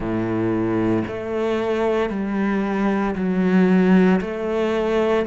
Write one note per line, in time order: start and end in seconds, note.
0.00 1.02 A2
1.07 2.09 A3
2.09 3.14 G3
3.15 4.20 F#3
4.21 5.26 A3